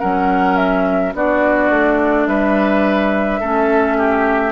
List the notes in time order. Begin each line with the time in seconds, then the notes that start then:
0.00 F#3 C#4 A#4 F#5
0.57 E5
1.14 B3 D4 F#4 D5
1.71 A3
2.27 G3 B4 E5
3.41 A3 C#4 A4
3.98 G4